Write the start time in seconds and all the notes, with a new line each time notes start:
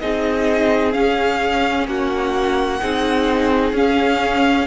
0.00 C4 D#4 G#4 D#5
0.93 C#4 F5
1.87 A#3 F#4 F#5
2.81 C4 D#4 G#4
3.73 C#4 F5